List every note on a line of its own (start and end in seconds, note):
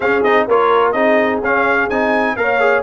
0.00 0.23 C#4
0.00 0.25 C#4
0.00 0.46 G#4
0.00 0.23 F5
0.23 0.47 C4
0.23 0.48 D#4
0.23 0.47 D#5
0.47 0.93 A#3
0.47 0.94 F4
0.47 0.94 A#4
0.47 0.91 C#5
0.91 1.40 C4
0.91 1.42 D#4
0.91 2.35 G#4
0.91 1.39 D#5
1.41 1.88 C#4
1.41 1.90 C#4
1.41 1.89 F5
1.89 2.36 C4
1.89 2.37 D#4
1.89 2.36 G#5
2.36 2.83 A#3
2.36 2.60 A#4
2.36 2.83 C#5
2.36 2.83 F5
2.60 2.83 G#4